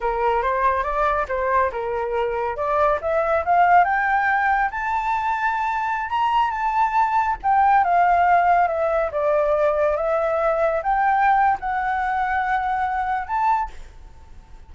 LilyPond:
\new Staff \with { instrumentName = "flute" } { \time 4/4 \tempo 4 = 140 ais'4 c''4 d''4 c''4 | ais'2 d''4 e''4 | f''4 g''2 a''4~ | a''2~ a''16 ais''4 a''8.~ |
a''4~ a''16 g''4 f''4.~ f''16~ | f''16 e''4 d''2 e''8.~ | e''4~ e''16 g''4.~ g''16 fis''4~ | fis''2. a''4 | }